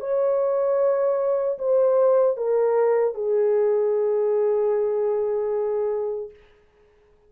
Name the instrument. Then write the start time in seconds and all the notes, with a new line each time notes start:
horn
0.00 C#5
1.58 C5
2.36 A#4
3.14 G#4